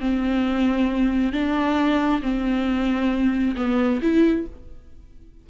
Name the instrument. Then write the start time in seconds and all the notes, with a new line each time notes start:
viola
0.00 C4
1.32 D4
2.22 C4
3.56 B3
4.01 E4